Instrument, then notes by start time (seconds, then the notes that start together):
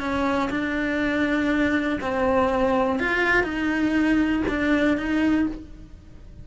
cello
0.00 C#4
0.50 D4
2.01 C4
3.00 F4
3.43 D#4
4.48 D4
4.97 D#4